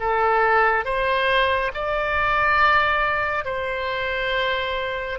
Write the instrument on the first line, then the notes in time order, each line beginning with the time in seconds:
oboe
0.00 A4
0.85 C5
1.74 D5
3.45 C5